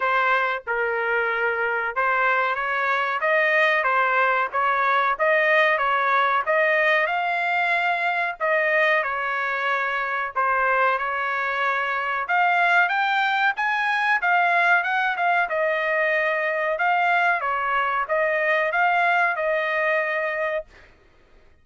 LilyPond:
\new Staff \with { instrumentName = "trumpet" } { \time 4/4 \tempo 4 = 93 c''4 ais'2 c''4 | cis''4 dis''4 c''4 cis''4 | dis''4 cis''4 dis''4 f''4~ | f''4 dis''4 cis''2 |
c''4 cis''2 f''4 | g''4 gis''4 f''4 fis''8 f''8 | dis''2 f''4 cis''4 | dis''4 f''4 dis''2 | }